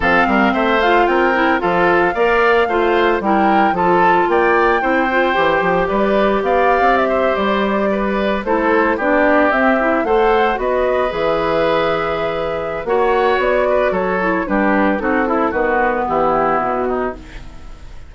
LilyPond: <<
  \new Staff \with { instrumentName = "flute" } { \time 4/4 \tempo 4 = 112 f''4 e''8 f''8 g''4 f''4~ | f''2 g''4 a''4 | g''2. d''4 | f''4 e''8. d''2 c''16~ |
c''8. d''4 e''4 fis''4 dis''16~ | dis''8. e''2.~ e''16 | fis''4 d''4 cis''4 b'4 | a'4 b'4 g'4 fis'4 | }
  \new Staff \with { instrumentName = "oboe" } { \time 4/4 a'8 ais'8 c''4 ais'4 a'4 | d''4 c''4 ais'4 a'4 | d''4 c''2 b'4 | d''4~ d''16 c''4. b'4 a'16~ |
a'8. g'2 c''4 b'16~ | b'1 | cis''4. b'8 a'4 g'4 | fis'8 e'8 fis'4 e'4. dis'8 | }
  \new Staff \with { instrumentName = "clarinet" } { \time 4/4 c'4. f'4 e'8 f'4 | ais'4 f'4 e'4 f'4~ | f'4 e'8 f'8 g'2~ | g'2.~ g'8. e'16~ |
e'8. d'4 c'8 e'8 a'4 fis'16~ | fis'8. gis'2.~ gis'16 | fis'2~ fis'8 e'8 d'4 | dis'8 e'8 b2. | }
  \new Staff \with { instrumentName = "bassoon" } { \time 4/4 f8 g8 a4 c'4 f4 | ais4 a4 g4 f4 | ais4 c'4 e8 f8 g4 | b8. c'4 g2 a16~ |
a8. b4 c'4 a4 b16~ | b8. e2.~ e16 | ais4 b4 fis4 g4 | c'4 dis4 e4 b,4 | }
>>